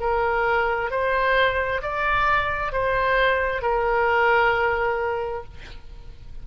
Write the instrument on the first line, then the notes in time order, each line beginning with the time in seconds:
oboe
0.00 A#4
0.90 C5
1.82 D5
2.72 C5
3.62 A#4